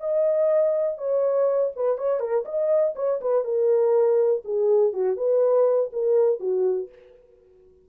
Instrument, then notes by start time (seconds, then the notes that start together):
horn
0.00 D#5
0.97 C#5
1.75 B4
1.98 C#5
2.19 A#4
2.45 D#5
2.95 C#5
3.21 B4
3.44 A#4
4.44 G#4
4.92 F#4
5.16 B4
5.92 A#4
6.40 F#4